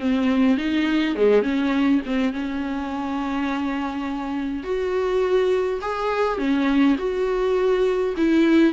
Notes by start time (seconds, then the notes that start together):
0.00 C4
0.58 D#4
1.16 G#3
1.43 C#4
2.06 C4
2.33 C#4
4.63 F#4
5.81 G#4
6.38 C#4
6.98 F#4
8.17 E4